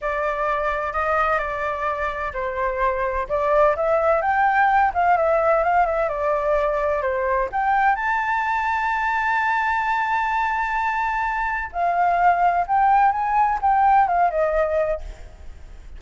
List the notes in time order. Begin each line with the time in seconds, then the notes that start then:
0.01 D5
0.92 D#5
1.38 D5
2.33 C5
3.28 D5
3.75 E5
4.21 G5
4.93 F5
5.17 E5
5.63 F5
5.86 E5
6.08 D5
7.01 C5
7.51 G5
7.95 A5
11.72 F5
12.67 G5
13.11 G#5
13.61 G5
14.07 F5
14.30 D#5